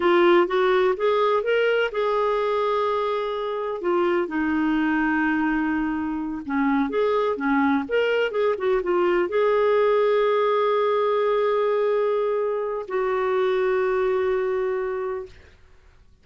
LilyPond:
\new Staff \with { instrumentName = "clarinet" } { \time 4/4 \tempo 4 = 126 f'4 fis'4 gis'4 ais'4 | gis'1 | f'4 dis'2.~ | dis'4. cis'4 gis'4 cis'8~ |
cis'8 ais'4 gis'8 fis'8 f'4 gis'8~ | gis'1~ | gis'2. fis'4~ | fis'1 | }